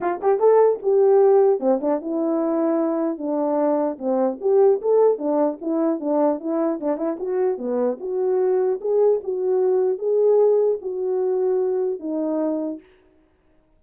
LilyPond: \new Staff \with { instrumentName = "horn" } { \time 4/4 \tempo 4 = 150 f'8 g'8 a'4 g'2 | c'8 d'8 e'2. | d'2 c'4 g'4 | a'4 d'4 e'4 d'4 |
e'4 d'8 e'8 fis'4 b4 | fis'2 gis'4 fis'4~ | fis'4 gis'2 fis'4~ | fis'2 dis'2 | }